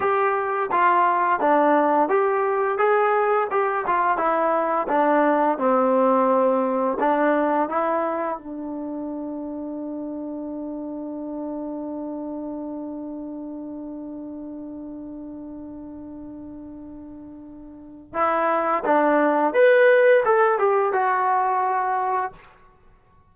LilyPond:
\new Staff \with { instrumentName = "trombone" } { \time 4/4 \tempo 4 = 86 g'4 f'4 d'4 g'4 | gis'4 g'8 f'8 e'4 d'4 | c'2 d'4 e'4 | d'1~ |
d'1~ | d'1~ | d'2 e'4 d'4 | b'4 a'8 g'8 fis'2 | }